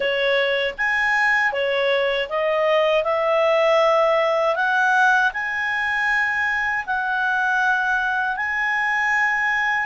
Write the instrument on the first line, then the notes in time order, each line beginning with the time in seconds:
clarinet
0.00 C#5
0.77 G#5
1.52 C#5
2.29 D#5
3.03 E5
4.55 F#5
5.33 G#5
6.86 F#5
8.36 G#5